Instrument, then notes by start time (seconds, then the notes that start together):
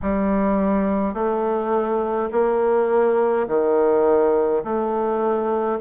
bassoon
0.02 G3
1.14 A3
2.31 A#3
3.47 D#3
4.64 A3